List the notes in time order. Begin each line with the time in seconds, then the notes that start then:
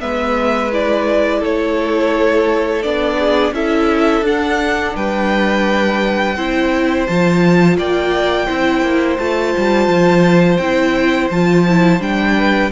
0.00 G#3 B3 B4 E5
0.72 E4 D5
1.40 A3 A4 C#5
2.83 B3 D4 D5
3.19 G#4
3.52 C#4 E4 A4 E5
4.22 D4 F#5
4.96 G3 B4 G5
6.36 C4 E4 C5
7.06 F3 F4 A5
7.78 A#3 D5 G5
8.47 C4 E4 C5
8.82 A#3
9.19 A3 F4 A5
9.58 G3
9.88 F3
10.57 C4 E4 G5
11.31 F3 F4 A5
11.69 E4
12.00 G3 D4 G5
12.37 B4